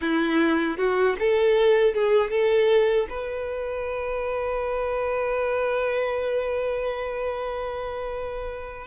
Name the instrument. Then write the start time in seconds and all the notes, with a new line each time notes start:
violin
0.01 E4
0.77 F#4
1.19 A4
1.94 G#4
2.30 A4
3.09 B4